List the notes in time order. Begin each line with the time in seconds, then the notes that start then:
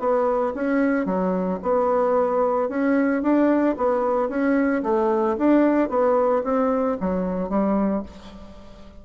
0.00 B3
0.54 C#4
1.06 F#3
1.63 B3
2.69 C#4
3.22 D4
3.77 B3
4.29 C#4
4.83 A3
5.38 D4
5.89 B3
6.44 C4
7.01 F#3
7.50 G3